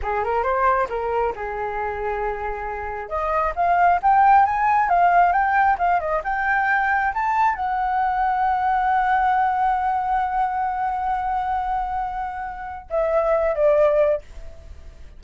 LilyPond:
\new Staff \with { instrumentName = "flute" } { \time 4/4 \tempo 4 = 135 gis'8 ais'8 c''4 ais'4 gis'4~ | gis'2. dis''4 | f''4 g''4 gis''4 f''4 | g''4 f''8 dis''8 g''2 |
a''4 fis''2.~ | fis''1~ | fis''1~ | fis''4 e''4. d''4. | }